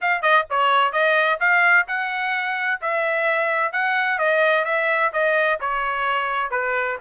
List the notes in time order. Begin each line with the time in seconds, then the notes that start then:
0.01 F5
0.22 D#5
0.49 C#5
0.92 D#5
1.40 F5
1.87 F#5
2.81 E5
3.72 F#5
4.18 D#5
4.64 E5
5.12 D#5
5.60 C#5
6.51 B4